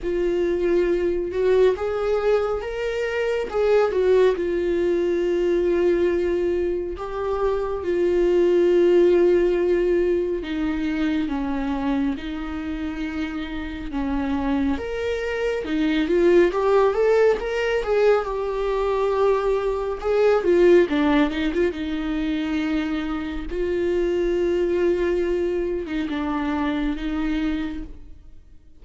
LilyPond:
\new Staff \with { instrumentName = "viola" } { \time 4/4 \tempo 4 = 69 f'4. fis'8 gis'4 ais'4 | gis'8 fis'8 f'2. | g'4 f'2. | dis'4 cis'4 dis'2 |
cis'4 ais'4 dis'8 f'8 g'8 a'8 | ais'8 gis'8 g'2 gis'8 f'8 | d'8 dis'16 f'16 dis'2 f'4~ | f'4.~ f'16 dis'16 d'4 dis'4 | }